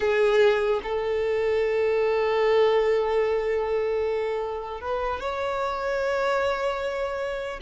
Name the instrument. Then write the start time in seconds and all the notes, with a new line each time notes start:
violin
0.00 G#4
0.83 A4
4.81 B4
5.20 C#5